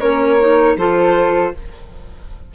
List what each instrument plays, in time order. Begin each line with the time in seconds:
0.00 bassoon A#3, clarinet C#4, flute A#4, violin C#5
0.40 clarinet D#4
0.76 bassoon F3, clarinet F4, flute A4, violin C5